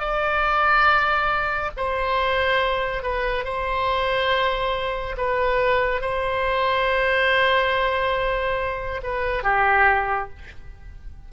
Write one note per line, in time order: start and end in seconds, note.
0.00 1.71 D5
1.77 3.03 C5
3.03 3.45 B4
3.45 5.16 C5
5.18 6.02 B4
6.02 9.02 C5
9.04 9.44 B4
9.44 10.30 G4